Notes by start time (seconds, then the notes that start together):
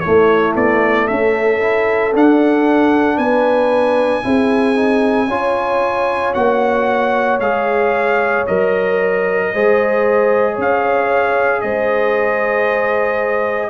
0.00 A3 C#5
0.06 A3 E4
0.56 B3 D5
1.08 C#4 A4 E5
1.60 E4
2.14 D4 F#5
3.18 B3 B4 G#5
4.23 C4 E4 G#4
4.76 D#4
5.28 C#4 F4 C#5
6.34 A#3 F#4 F#5
7.40 G#3 G#4 F5
8.47 F#3 A#4 D#5
9.54 G#3 G#4 C5
10.54 C#4 C#5
10.61 F5
11.61 G#3 C5 D#5